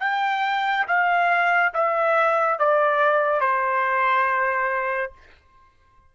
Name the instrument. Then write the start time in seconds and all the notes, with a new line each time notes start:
trumpet
0.00 G5
0.87 F5
1.74 E5
2.59 D5
3.41 C5